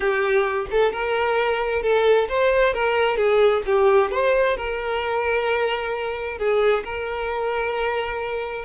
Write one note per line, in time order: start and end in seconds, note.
0.00 0.67 G4
0.70 0.92 A4
0.92 1.82 A#4
1.82 2.27 A4
2.29 2.73 C5
2.73 3.16 A#4
3.16 3.62 G#4
3.65 4.11 G4
4.11 4.56 C5
4.56 6.38 A#4
6.38 6.83 G#4
6.84 8.64 A#4